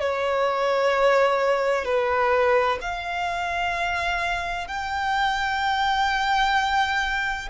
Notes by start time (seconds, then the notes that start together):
0.00 C#5
1.85 B4
2.81 F5
4.67 G5